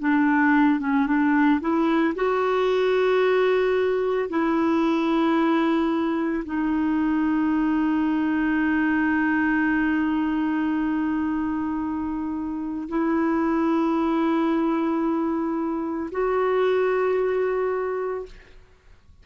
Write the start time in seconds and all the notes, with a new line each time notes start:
0.00 D4
0.80 C#4
1.07 D4
1.61 E4
2.15 F#4
4.30 E4
6.46 D#4
12.89 E4
16.12 F#4